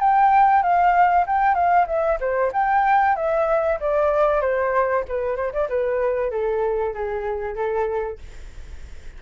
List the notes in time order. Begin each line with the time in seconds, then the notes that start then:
0.00 G5
0.63 F5
1.27 G5
1.55 F5
1.87 E5
2.20 C5
2.53 G5
3.16 E5
3.80 D5
4.42 C5
5.08 B4
5.37 C5
5.53 D5
5.70 B4
6.31 A4
6.94 G#4
7.56 A4